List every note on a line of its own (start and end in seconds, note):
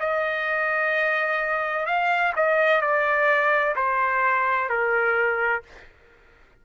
0.00 1.86 D#5
1.86 2.33 F5
2.36 2.81 D#5
2.81 3.75 D5
3.75 4.69 C5
4.69 5.62 A#4